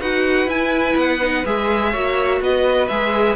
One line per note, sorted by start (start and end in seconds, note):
0.00 0.47 D#4
0.00 0.48 F#4
0.00 1.91 B4
0.00 0.49 F#5
0.47 0.95 E4
0.47 1.20 E4
0.47 0.97 G#5
0.96 1.44 B3
0.96 1.46 F#5
1.22 1.45 D#4
1.45 1.94 G#3
1.45 1.93 G#4
1.45 2.42 E5
1.91 2.41 A#3
1.91 2.89 F#4
1.91 2.39 C#5
2.41 2.89 B3
2.41 3.37 B4
2.41 2.88 D#5
2.88 3.37 G#3
2.88 3.37 G#4
2.88 3.36 E5